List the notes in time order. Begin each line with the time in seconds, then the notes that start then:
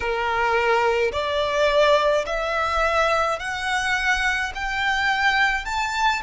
0.00 A#4
1.12 D5
2.25 E5
3.39 F#5
4.54 G5
5.65 A5